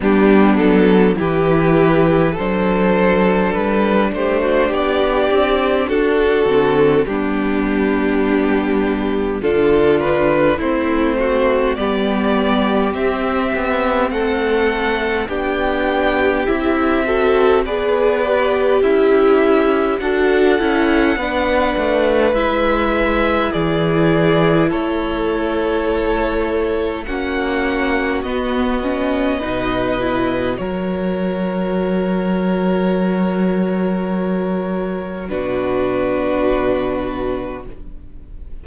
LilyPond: <<
  \new Staff \with { instrumentName = "violin" } { \time 4/4 \tempo 4 = 51 g'8 a'8 b'4 c''4 b'8 c''8 | d''4 a'4 g'2 | a'8 b'8 c''4 d''4 e''4 | fis''4 g''4 e''4 d''4 |
e''4 fis''2 e''4 | d''4 cis''2 fis''4 | dis''2 cis''2~ | cis''2 b'2 | }
  \new Staff \with { instrumentName = "violin" } { \time 4/4 d'4 g'4 a'4. g'16 fis'16 | g'4 fis'4 d'2 | f'4 e'8 fis'8 g'2 | a'4 g'4. a'8 b'4 |
e'4 a'4 b'2 | gis'4 a'2 fis'4~ | fis'4 b'4 ais'2~ | ais'2 fis'2 | }
  \new Staff \with { instrumentName = "viola" } { \time 4/4 b4 e'4 d'2~ | d'4. c'8 b2 | d'4 c'4 b4 c'4~ | c'4 d'4 e'8 fis'8 gis'8 g'8~ |
g'4 fis'8 e'8 d'4 e'4~ | e'2. cis'4 | b8 cis'8 dis'8 e'8 fis'2~ | fis'2 d'2 | }
  \new Staff \with { instrumentName = "cello" } { \time 4/4 g8 fis8 e4 fis4 g8 a8 | b8 c'8 d'8 d8 g2 | d4 a4 g4 c'8 b8 | a4 b4 c'4 b4 |
cis'4 d'8 cis'8 b8 a8 gis4 | e4 a2 ais4 | b4 b,4 fis2~ | fis2 b,2 | }
>>